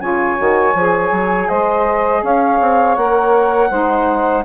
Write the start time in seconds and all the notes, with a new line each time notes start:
0.00 C#3 F4 C#5 G#5
0.36 D#3 F#4
0.74 F3 G#4
1.11 F#3
1.48 G#3 C5 D#5
2.22 C#4 C#5 F5
2.60 C4
2.95 A#3 A#4 F#5
3.70 G#3 D#4 C5